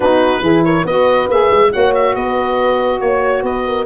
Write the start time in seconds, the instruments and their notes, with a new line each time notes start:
0.00 tuba B3, saxophone D#4, horn F#4, oboe B4
0.40 tuba E3, saxophone E4, horn G#4
0.64 horn A#4, oboe C#5
0.84 tuba B3, saxophone F#4, horn B4, oboe D#5
1.28 tuba A#3, saxophone G#4, oboe E5
1.50 tuba G#3
1.72 tuba A#3, saxophone F#4, horn C#5, oboe F#5
1.94 oboe E5
2.14 tuba B3, horn B4, oboe D#5
3.00 tuba A#3, horn C#5, oboe C#5
3.42 tuba B3, horn B4, oboe D#5
3.66 horn A#4